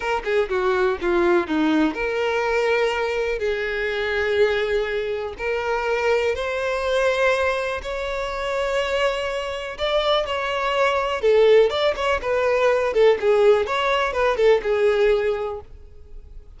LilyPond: \new Staff \with { instrumentName = "violin" } { \time 4/4 \tempo 4 = 123 ais'8 gis'8 fis'4 f'4 dis'4 | ais'2. gis'4~ | gis'2. ais'4~ | ais'4 c''2. |
cis''1 | d''4 cis''2 a'4 | d''8 cis''8 b'4. a'8 gis'4 | cis''4 b'8 a'8 gis'2 | }